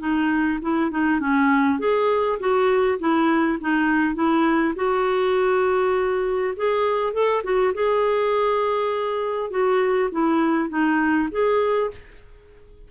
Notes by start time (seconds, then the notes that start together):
0.00 D#4
0.62 E4
0.91 D#4
1.20 C#4
1.80 G#4
2.40 F#4
2.99 E4
3.61 D#4
4.15 E4
4.76 F#4
6.57 G#4
7.13 A4
7.44 F#4
7.74 G#4
9.50 F#4
10.12 E4
10.70 D#4
11.32 G#4